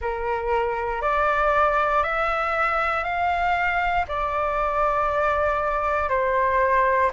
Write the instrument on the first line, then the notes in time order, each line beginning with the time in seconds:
flute
0.01 A#4
1.01 D5
2.03 E5
3.04 F5
4.08 D5
6.09 C5